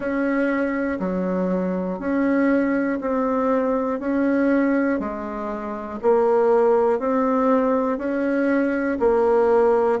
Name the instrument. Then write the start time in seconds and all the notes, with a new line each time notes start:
bassoon
0.00 C#4
1.00 F#3
1.99 C#4
3.00 C4
3.99 C#4
5.00 G#3
6.01 A#3
6.99 C4
7.97 C#4
8.99 A#3